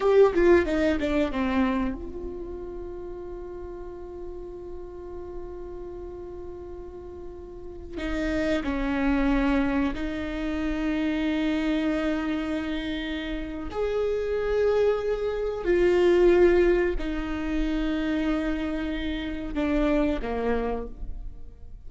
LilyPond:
\new Staff \with { instrumentName = "viola" } { \time 4/4 \tempo 4 = 92 g'8 f'8 dis'8 d'8 c'4 f'4~ | f'1~ | f'1~ | f'16 dis'4 cis'2 dis'8.~ |
dis'1~ | dis'4 gis'2. | f'2 dis'2~ | dis'2 d'4 ais4 | }